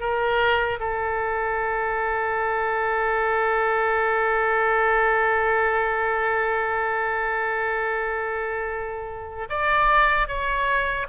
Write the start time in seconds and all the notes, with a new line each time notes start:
0.00 A#4
0.79 A4
9.49 D5
10.27 C#5